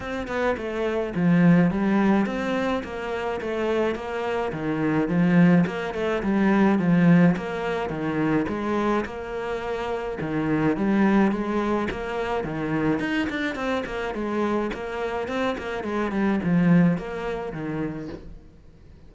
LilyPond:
\new Staff \with { instrumentName = "cello" } { \time 4/4 \tempo 4 = 106 c'8 b8 a4 f4 g4 | c'4 ais4 a4 ais4 | dis4 f4 ais8 a8 g4 | f4 ais4 dis4 gis4 |
ais2 dis4 g4 | gis4 ais4 dis4 dis'8 d'8 | c'8 ais8 gis4 ais4 c'8 ais8 | gis8 g8 f4 ais4 dis4 | }